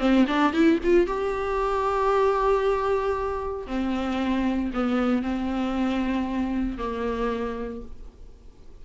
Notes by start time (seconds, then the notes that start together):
0.00 C4
0.28 D4
0.53 E4
0.84 F4
1.07 G4
3.67 C4
4.74 B3
5.23 C4
6.78 A#3